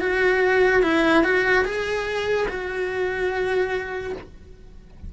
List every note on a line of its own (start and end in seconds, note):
0.00 0.82 F#4
0.83 1.24 E4
1.24 1.65 F#4
1.65 2.47 G#4
2.48 4.12 F#4